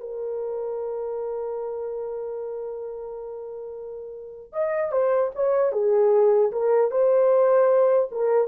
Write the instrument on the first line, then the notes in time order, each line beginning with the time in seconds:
horn
0.00 A#4
4.52 D#5
4.91 C5
5.35 C#5
5.72 G#4
6.51 A#4
6.91 C5
8.11 A#4